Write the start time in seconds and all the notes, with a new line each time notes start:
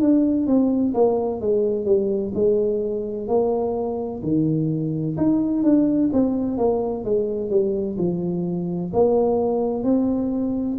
0.00 D4
0.46 C4
0.94 A#3
1.41 G#3
1.85 G3
2.34 G#3
3.27 A#3
4.22 D#3
5.17 D#4
5.63 D4
6.12 C4
6.57 A#3
7.04 G#3
7.50 G3
7.97 F3
8.93 A#3
9.84 C4